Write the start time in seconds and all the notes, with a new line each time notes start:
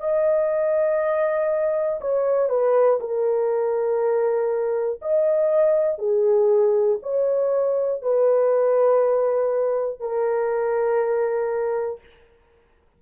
0.00 D#5
2.00 C#5
2.49 B4
3.00 A#4
5.01 D#5
5.98 G#4
7.02 C#5
8.01 B4
10.00 A#4